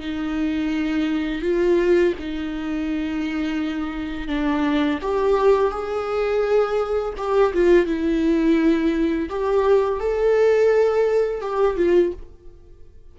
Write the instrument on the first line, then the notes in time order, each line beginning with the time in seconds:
viola
0.00 D#4
1.42 F4
2.19 D#4
4.28 D4
5.02 G4
5.71 G#4
7.18 G4
7.54 F4
7.86 E4
9.30 G4
10.00 A4
11.41 G4
11.77 F4